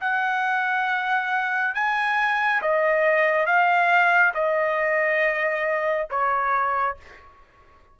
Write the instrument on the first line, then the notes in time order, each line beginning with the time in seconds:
trumpet
0.00 F#5
1.74 G#5
2.62 D#5
3.46 F5
4.34 D#5
6.10 C#5